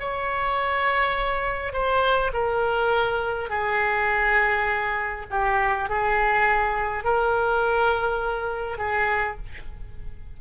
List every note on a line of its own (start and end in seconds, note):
0.00 1.73 C#5
1.73 2.32 C5
2.33 3.50 A#4
3.50 5.26 G#4
5.30 5.89 G4
5.89 7.04 G#4
7.04 8.78 A#4
8.78 9.37 G#4